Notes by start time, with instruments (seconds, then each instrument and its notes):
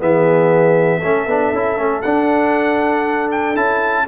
0.00 tuba E3, trombone B3, horn G#4, trumpet E5
0.99 tuba A3, trombone C#4, horn A4
1.26 tuba B3, trombone D4
1.52 tuba C#4, trombone E4
1.77 tuba A3, trombone C#4
2.02 tuba D4, trombone D4, trumpet F#5
3.31 trumpet G5
3.55 tuba C#4, trombone E4, trumpet A5